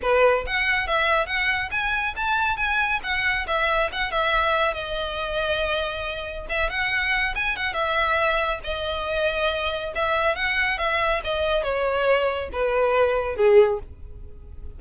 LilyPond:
\new Staff \with { instrumentName = "violin" } { \time 4/4 \tempo 4 = 139 b'4 fis''4 e''4 fis''4 | gis''4 a''4 gis''4 fis''4 | e''4 fis''8 e''4. dis''4~ | dis''2. e''8 fis''8~ |
fis''4 gis''8 fis''8 e''2 | dis''2. e''4 | fis''4 e''4 dis''4 cis''4~ | cis''4 b'2 gis'4 | }